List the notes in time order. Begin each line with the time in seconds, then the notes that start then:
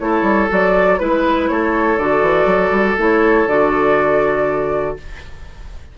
0.00 A3 E4 A4 C#5
0.23 G3
0.49 F#3 F#4 D5
0.99 G#3 E4 B4
1.49 A3 A4 C#5
1.98 D3 F#4 D5
2.22 E3
2.46 F#3
2.71 G3
2.98 A3 E4 C#5
3.47 D3 F#4 D5